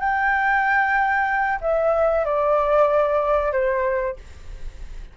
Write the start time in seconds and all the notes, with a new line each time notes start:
0.00 G5
1.61 E5
2.25 D5
3.53 C5